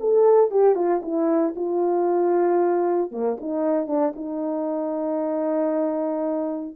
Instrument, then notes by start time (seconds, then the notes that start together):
horn
0.00 A4
0.51 G4
0.75 F4
1.02 E4
1.56 F4
3.11 A#3
3.40 D#4
3.87 D4
4.16 D#4